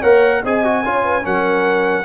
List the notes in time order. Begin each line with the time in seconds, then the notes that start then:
0.00 A#3 A#4 C#5 F#5
0.43 C4 G#4 D#5 G#5
0.64 F#4
0.84 C#4 F4 C#5
1.03 B4
1.22 F#3 C#4 A#4 F#5